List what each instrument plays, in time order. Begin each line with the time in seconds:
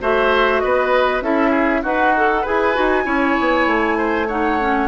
0.00 bassoon A3, clarinet F#4, oboe C5, flute E5
0.60 bassoon B3, oboe B4, flute D#5
1.22 bassoon C#4, clarinet E4, oboe A4, flute E5
1.51 oboe G#4
1.83 bassoon D#4, oboe F#4, clarinet B4, flute F#5
2.17 clarinet A4
2.42 bassoon E4, clarinet G#4, oboe B4, flute G#5
2.75 bassoon D#4, clarinet F#4
3.04 bassoon C#4, clarinet E4, oboe C#5
3.40 bassoon B3
3.67 bassoon A3
3.97 oboe C5
4.27 clarinet D#4, oboe C#5, flute F#5
4.60 clarinet C#4